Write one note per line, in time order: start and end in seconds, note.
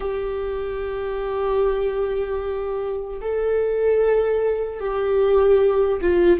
0.00 3.20 G4
3.21 4.80 A4
4.80 6.00 G4
6.01 6.39 F4